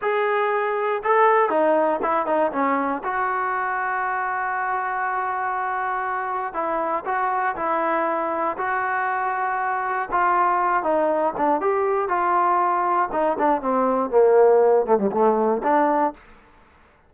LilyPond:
\new Staff \with { instrumentName = "trombone" } { \time 4/4 \tempo 4 = 119 gis'2 a'4 dis'4 | e'8 dis'8 cis'4 fis'2~ | fis'1~ | fis'4 e'4 fis'4 e'4~ |
e'4 fis'2. | f'4. dis'4 d'8 g'4 | f'2 dis'8 d'8 c'4 | ais4. a16 g16 a4 d'4 | }